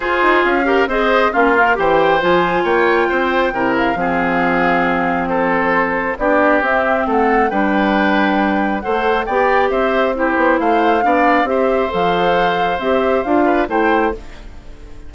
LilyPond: <<
  \new Staff \with { instrumentName = "flute" } { \time 4/4 \tempo 4 = 136 c''4 f''4 dis''4 f''4 | g''4 gis''4 g''2~ | g''8 f''2.~ f''8 | c''2 d''4 e''4 |
fis''4 g''2. | fis''4 g''4 e''4 c''4 | f''2 e''4 f''4~ | f''4 e''4 f''4 g''4 | }
  \new Staff \with { instrumentName = "oboe" } { \time 4/4 gis'4. ais'8 c''4 f'4 | c''2 cis''4 c''4 | ais'4 gis'2. | a'2 g'2 |
a'4 b'2. | c''4 d''4 c''4 g'4 | c''4 d''4 c''2~ | c''2~ c''8 b'8 c''4 | }
  \new Staff \with { instrumentName = "clarinet" } { \time 4/4 f'4. g'8 gis'4 cis'8 ais'8 | g'4 f'2. | e'4 c'2.~ | c'2 d'4 c'4~ |
c'4 d'2. | a'4 g'2 e'4~ | e'4 d'4 g'4 a'4~ | a'4 g'4 f'4 e'4 | }
  \new Staff \with { instrumentName = "bassoon" } { \time 4/4 f'8 dis'8 cis'4 c'4 ais4 | e4 f4 ais4 c'4 | c4 f2.~ | f2 b4 c'4 |
a4 g2. | a4 b4 c'4. b8 | a4 b4 c'4 f4~ | f4 c'4 d'4 a4 | }
>>